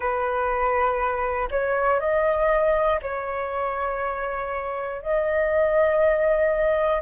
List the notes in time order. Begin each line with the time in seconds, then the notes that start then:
0.00 B4
1.50 C#5
2.00 D#5
3.02 C#5
5.02 D#5